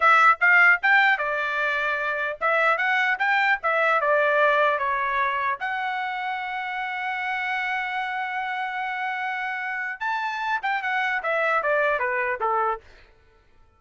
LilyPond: \new Staff \with { instrumentName = "trumpet" } { \time 4/4 \tempo 4 = 150 e''4 f''4 g''4 d''4~ | d''2 e''4 fis''4 | g''4 e''4 d''2 | cis''2 fis''2~ |
fis''1~ | fis''1~ | fis''4 a''4. g''8 fis''4 | e''4 d''4 b'4 a'4 | }